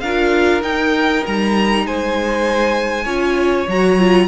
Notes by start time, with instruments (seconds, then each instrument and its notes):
0.00 cello D4, viola F4, violin A#4 F5
0.61 cello D#4, viola D#4, violin G5
1.26 cello G3, violin A#5
1.86 cello G#3, violin C5 G#5
3.04 cello C#4, viola F4, violin C#5
3.67 cello F#3, viola F#4, violin A#5
3.99 viola F4